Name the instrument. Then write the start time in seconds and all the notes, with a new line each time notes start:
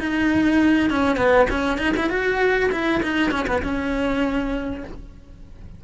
cello
0.00 D#4
0.90 C#4
1.17 B3
1.50 C#4
1.78 D#4
1.97 E4
2.10 F#4
2.72 E4
3.03 D#4
3.32 C#4
3.47 B3
3.63 C#4